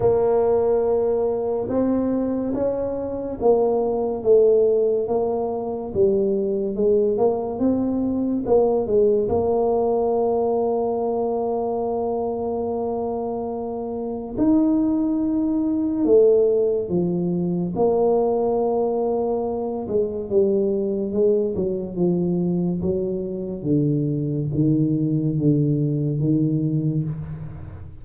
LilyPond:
\new Staff \with { instrumentName = "tuba" } { \time 4/4 \tempo 4 = 71 ais2 c'4 cis'4 | ais4 a4 ais4 g4 | gis8 ais8 c'4 ais8 gis8 ais4~ | ais1~ |
ais4 dis'2 a4 | f4 ais2~ ais8 gis8 | g4 gis8 fis8 f4 fis4 | d4 dis4 d4 dis4 | }